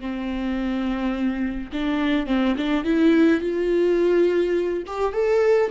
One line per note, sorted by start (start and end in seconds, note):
0.00 1.71 C4
1.72 2.27 D4
2.27 2.55 C4
2.57 2.84 D4
2.84 3.41 E4
3.41 4.84 F4
4.87 5.13 G4
5.13 5.70 A4